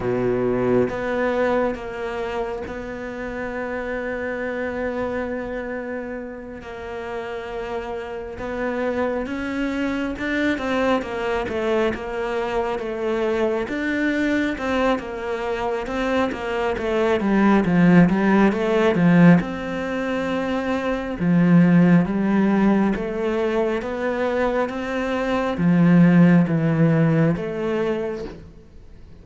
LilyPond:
\new Staff \with { instrumentName = "cello" } { \time 4/4 \tempo 4 = 68 b,4 b4 ais4 b4~ | b2.~ b8 ais8~ | ais4. b4 cis'4 d'8 | c'8 ais8 a8 ais4 a4 d'8~ |
d'8 c'8 ais4 c'8 ais8 a8 g8 | f8 g8 a8 f8 c'2 | f4 g4 a4 b4 | c'4 f4 e4 a4 | }